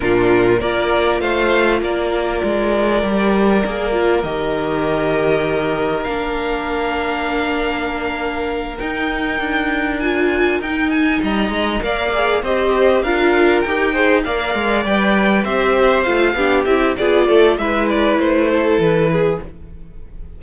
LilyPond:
<<
  \new Staff \with { instrumentName = "violin" } { \time 4/4 \tempo 4 = 99 ais'4 d''4 f''4 d''4~ | d''2. dis''4~ | dis''2 f''2~ | f''2~ f''8 g''4.~ |
g''8 gis''4 g''8 gis''8 ais''4 f''8~ | f''8 dis''4 f''4 g''4 f''8~ | f''8 g''4 e''4 f''4 e''8 | d''4 e''8 d''8 c''4 b'4 | }
  \new Staff \with { instrumentName = "violin" } { \time 4/4 f'4 ais'4 c''4 ais'4~ | ais'1~ | ais'1~ | ais'1~ |
ais'2~ ais'8 dis''4 d''8~ | d''8 c''4 ais'4. c''8 d''8~ | d''4. c''4. g'4 | gis'8 a'8 b'4. a'4 gis'8 | }
  \new Staff \with { instrumentName = "viola" } { \time 4/4 d'4 f'2.~ | f'4 g'4 gis'8 f'8 g'4~ | g'2 d'2~ | d'2~ d'8 dis'4.~ |
dis'8 f'4 dis'2 ais'8 | gis'8 g'4 f'4 g'8 gis'8 ais'8~ | ais'8 b'4 g'4 f'8 d'8 e'8 | f'4 e'2. | }
  \new Staff \with { instrumentName = "cello" } { \time 4/4 ais,4 ais4 a4 ais4 | gis4 g4 ais4 dis4~ | dis2 ais2~ | ais2~ ais8 dis'4 d'8~ |
d'4. dis'4 g8 gis8 ais8~ | ais8 c'4 d'4 dis'4 ais8 | gis8 g4 c'4 a8 b8 c'8 | b8 a8 gis4 a4 e4 | }
>>